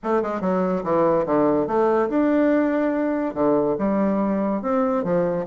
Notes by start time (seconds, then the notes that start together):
0.03 A3
0.22 G#3
0.40 F#3
0.83 E3
1.25 D3
1.67 A3
2.09 D4
3.34 D3
3.78 G3
4.62 C4
5.04 F3